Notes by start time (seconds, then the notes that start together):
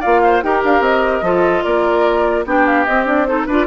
0.00 A#3 F4 D5 F5
0.24 C5
0.43 D#4 G4 A#4 G5
0.64 D4 F5
0.80 C4 D#5
1.22 F3 F4 A4
1.64 A#3 A#4 D5
2.46 B3 D4 G4 G5
2.66 F5
2.85 C4 D#5
3.06 D4 D5
3.26 D#4 A4 C5
3.46 D4 F4 B4 D5